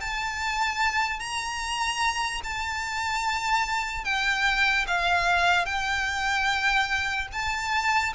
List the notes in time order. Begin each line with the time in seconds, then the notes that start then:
0.00 A5
1.19 A#5
2.43 A5
4.04 G5
4.87 F5
5.65 G5
7.32 A5